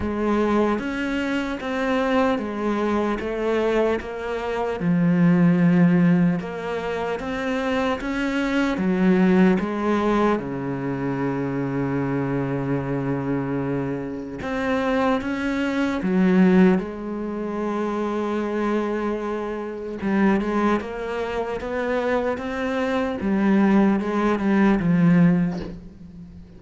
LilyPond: \new Staff \with { instrumentName = "cello" } { \time 4/4 \tempo 4 = 75 gis4 cis'4 c'4 gis4 | a4 ais4 f2 | ais4 c'4 cis'4 fis4 | gis4 cis2.~ |
cis2 c'4 cis'4 | fis4 gis2.~ | gis4 g8 gis8 ais4 b4 | c'4 g4 gis8 g8 f4 | }